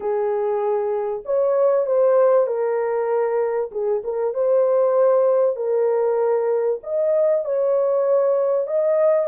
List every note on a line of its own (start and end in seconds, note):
0.00 1.23 G#4
1.25 1.86 C#5
1.86 2.46 C5
2.46 3.70 A#4
3.71 4.02 G#4
4.04 4.34 A#4
4.34 5.56 C5
5.56 6.79 A#4
6.83 7.45 D#5
7.45 8.67 C#5
8.67 9.28 D#5